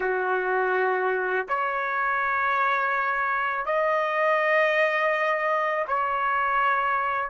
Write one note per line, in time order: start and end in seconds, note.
0.00 1.46 F#4
1.48 3.65 C#5
3.65 5.85 D#5
5.87 7.29 C#5